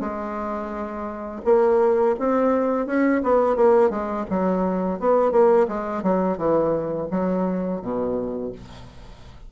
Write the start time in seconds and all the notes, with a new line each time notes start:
0.00 G#3
1.45 A#3
2.19 C4
2.87 C#4
3.23 B3
3.56 A#3
3.90 G#3
4.30 F#3
5.00 B3
5.32 A#3
5.68 G#3
6.03 F#3
6.38 E3
7.11 F#3
7.82 B2